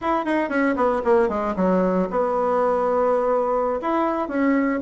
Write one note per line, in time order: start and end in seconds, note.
0.01 0.25 E4
0.25 0.49 D#4
0.49 0.75 C#4
0.76 1.02 B3
1.04 1.29 A#3
1.29 1.55 G#3
1.56 2.08 F#3
2.10 3.79 B3
3.81 4.28 E4
4.28 4.80 C#4